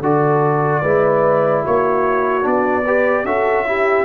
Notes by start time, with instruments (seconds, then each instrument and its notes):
0.00 tuba D3, trombone F#4, horn A4, trumpet D5
0.82 tuba G#3, trombone E4, horn B4
1.63 tuba A#3, horn F#4, trumpet C#5
2.42 tuba B3, trombone D4, trumpet D5
2.84 trombone G4, horn B4
3.24 tuba C#4, trombone F#4, horn A4, trumpet E5
3.66 trombone E4, horn G4